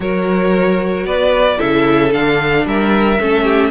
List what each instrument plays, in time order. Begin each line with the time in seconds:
0.00 cello F#3, viola F#4, violin A#4 C#5
1.05 cello B3, violin B4 D5
1.57 cello C#3, viola E4, violin A4 E5
2.12 cello D3, viola D4, violin F5
2.65 cello G3, violin A#4 E5
3.20 cello A3, viola C#4, violin A4
3.43 violin G4